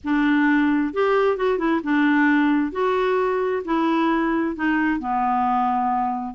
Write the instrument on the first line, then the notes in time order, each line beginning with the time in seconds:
clarinet
0.04 D4
0.93 G4
1.36 F#4
1.58 E4
1.83 D4
2.72 F#4
3.64 E4
4.55 D#4
4.99 B3